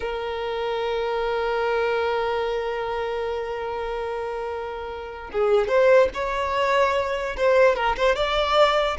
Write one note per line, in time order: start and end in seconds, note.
0.00 5.30 A#4
5.32 5.68 G#4
5.68 6.09 C5
6.14 7.36 C#5
7.37 7.75 C5
7.75 7.96 A#4
7.96 8.15 C5
8.15 8.97 D5